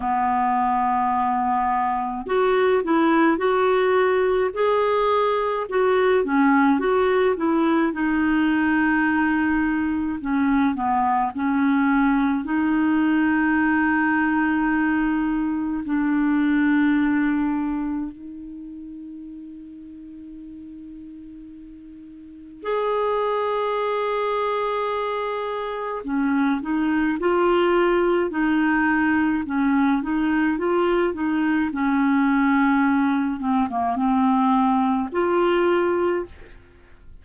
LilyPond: \new Staff \with { instrumentName = "clarinet" } { \time 4/4 \tempo 4 = 53 b2 fis'8 e'8 fis'4 | gis'4 fis'8 cis'8 fis'8 e'8 dis'4~ | dis'4 cis'8 b8 cis'4 dis'4~ | dis'2 d'2 |
dis'1 | gis'2. cis'8 dis'8 | f'4 dis'4 cis'8 dis'8 f'8 dis'8 | cis'4. c'16 ais16 c'4 f'4 | }